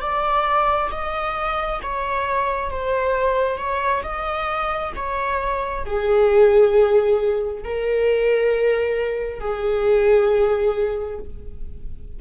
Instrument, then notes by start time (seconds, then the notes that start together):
viola
0.00 D5
0.91 D#5
1.82 C#5
2.69 C5
3.57 C#5
4.03 D#5
4.95 C#5
5.85 G#4
7.64 A#4
9.39 G#4